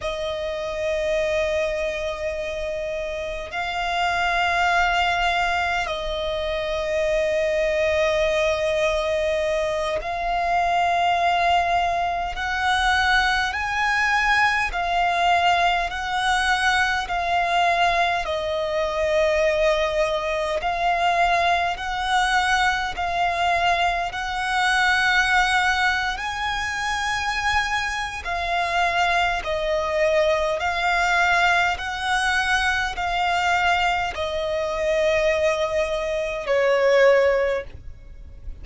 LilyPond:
\new Staff \with { instrumentName = "violin" } { \time 4/4 \tempo 4 = 51 dis''2. f''4~ | f''4 dis''2.~ | dis''8 f''2 fis''4 gis''8~ | gis''8 f''4 fis''4 f''4 dis''8~ |
dis''4. f''4 fis''4 f''8~ | f''8 fis''4.~ fis''16 gis''4.~ gis''16 | f''4 dis''4 f''4 fis''4 | f''4 dis''2 cis''4 | }